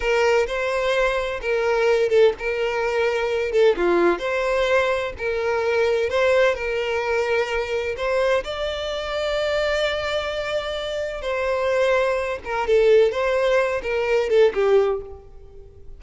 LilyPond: \new Staff \with { instrumentName = "violin" } { \time 4/4 \tempo 4 = 128 ais'4 c''2 ais'4~ | ais'8 a'8 ais'2~ ais'8 a'8 | f'4 c''2 ais'4~ | ais'4 c''4 ais'2~ |
ais'4 c''4 d''2~ | d''1 | c''2~ c''8 ais'8 a'4 | c''4. ais'4 a'8 g'4 | }